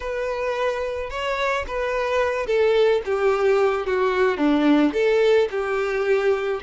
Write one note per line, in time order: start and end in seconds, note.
0.00 1.10 B4
1.10 1.65 C#5
1.67 2.46 B4
2.46 3.01 A4
3.05 3.86 G4
3.86 4.37 F#4
4.37 4.92 D4
4.93 5.48 A4
5.50 6.61 G4